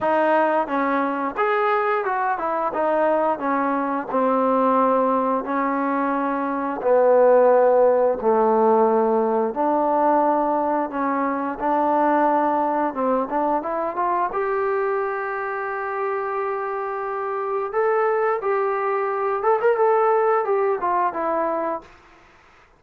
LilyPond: \new Staff \with { instrumentName = "trombone" } { \time 4/4 \tempo 4 = 88 dis'4 cis'4 gis'4 fis'8 e'8 | dis'4 cis'4 c'2 | cis'2 b2 | a2 d'2 |
cis'4 d'2 c'8 d'8 | e'8 f'8 g'2.~ | g'2 a'4 g'4~ | g'8 a'16 ais'16 a'4 g'8 f'8 e'4 | }